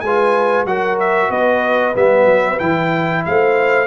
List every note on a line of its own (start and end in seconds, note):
0.00 0.65 G#3
0.00 0.68 B4
0.00 0.65 G#5
0.06 0.67 F4
0.65 1.29 F#3
0.65 1.94 F#4
0.65 1.30 A#4
0.65 0.98 F#5
0.99 1.31 E5
1.30 1.94 B3
1.30 3.24 B4
1.30 1.96 D#5
1.94 2.25 G3
1.94 2.58 B3
1.94 2.59 E5
2.25 2.57 F#3
2.59 3.25 E3
2.59 3.87 E4
2.59 3.24 G5
3.25 3.87 A3
3.25 3.87 C5
3.25 3.87 F5